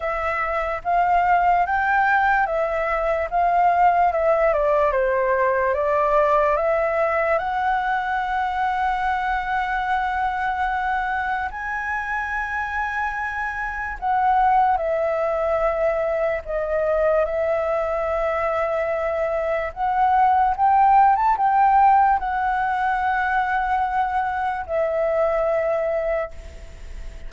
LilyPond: \new Staff \with { instrumentName = "flute" } { \time 4/4 \tempo 4 = 73 e''4 f''4 g''4 e''4 | f''4 e''8 d''8 c''4 d''4 | e''4 fis''2.~ | fis''2 gis''2~ |
gis''4 fis''4 e''2 | dis''4 e''2. | fis''4 g''8. a''16 g''4 fis''4~ | fis''2 e''2 | }